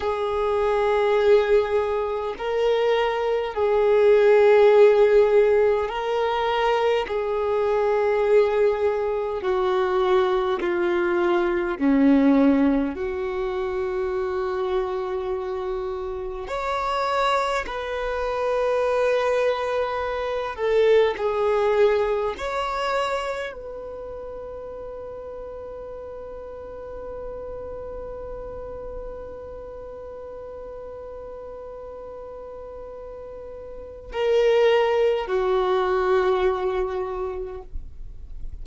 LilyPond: \new Staff \with { instrumentName = "violin" } { \time 4/4 \tempo 4 = 51 gis'2 ais'4 gis'4~ | gis'4 ais'4 gis'2 | fis'4 f'4 cis'4 fis'4~ | fis'2 cis''4 b'4~ |
b'4. a'8 gis'4 cis''4 | b'1~ | b'1~ | b'4 ais'4 fis'2 | }